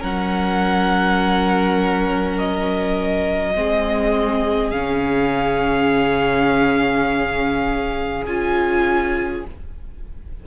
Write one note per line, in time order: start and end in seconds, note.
0.00 3.56 F#3
0.00 3.54 C#4
0.00 3.53 A#4
0.00 2.38 F#5
2.38 4.71 D#5
3.55 4.73 G#3
3.55 4.72 C4
3.55 9.47 G#4
4.71 8.25 C#3
4.71 8.25 C#4
4.71 8.24 F5
8.25 9.43 C#4
8.25 9.45 F4
8.25 9.44 G#5